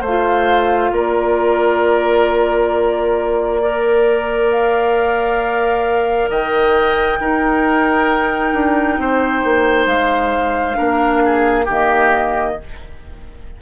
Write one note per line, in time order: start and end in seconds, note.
0.00 0.91 A3
0.00 0.90 C5
0.00 0.93 F5
0.08 3.62 F4
0.91 6.29 A#3
0.91 3.61 A#4
0.91 4.50 D5
3.61 7.20 A#4
3.61 6.29 D5
4.50 6.29 F5
6.29 7.19 D#3
6.29 7.19 D#5
6.29 9.87 G5
7.20 8.53 D#4
7.20 10.74 D#4
7.20 8.99 A#4
8.53 8.98 D4
8.98 9.43 C4
8.98 10.77 C5
9.44 9.86 A#3
9.86 10.76 G#3
9.86 11.66 F5
10.74 11.68 A#3
10.74 11.63 D4
10.74 11.22 A#4
11.25 11.65 G#4
11.65 12.58 D#3
11.65 12.58 A#3
11.65 12.54 G4
11.72 12.61 D#5